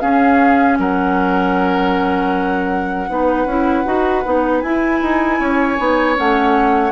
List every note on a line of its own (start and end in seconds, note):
0.00 3.08 C#4
0.00 0.79 C#4
0.00 0.79 G#4
0.00 0.77 F5
0.79 3.09 F#3
0.79 3.10 A#4
0.79 4.61 F#5
3.09 3.46 B3
3.09 3.48 D#4
3.09 5.39 B4
3.46 3.84 C#4
3.46 3.85 E4
3.85 4.25 D#4
3.85 4.24 F#4
4.25 4.63 B3
4.25 4.64 D#4
4.61 5.02 E4
4.61 5.78 E4
4.61 6.15 G#5
5.02 5.40 D#4
5.39 5.78 C#4
5.39 6.92 C#5
5.78 6.17 B3
5.78 6.15 D#4
6.15 6.92 A3
6.15 6.92 C#4
6.15 6.92 F#5